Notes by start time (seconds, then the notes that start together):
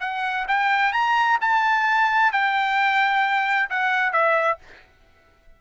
0.00 F#5
0.47 G5
0.92 A#5
1.41 A5
2.32 G5
3.70 F#5
4.12 E5